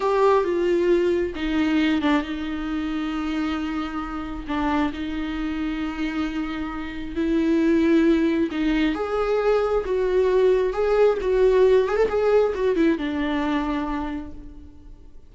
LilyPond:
\new Staff \with { instrumentName = "viola" } { \time 4/4 \tempo 4 = 134 g'4 f'2 dis'4~ | dis'8 d'8 dis'2.~ | dis'2 d'4 dis'4~ | dis'1 |
e'2. dis'4 | gis'2 fis'2 | gis'4 fis'4. gis'16 a'16 gis'4 | fis'8 e'8 d'2. | }